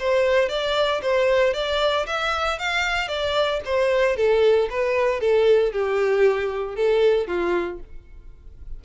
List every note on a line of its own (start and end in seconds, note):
0.00 0.49 C5
0.49 1.02 D5
1.02 1.54 C5
1.54 2.06 D5
2.07 2.59 E5
2.59 3.09 F5
3.09 3.61 D5
3.66 4.17 C5
4.17 4.69 A4
4.70 5.21 B4
5.21 5.73 A4
5.73 6.76 G4
6.76 7.28 A4
7.28 7.80 F4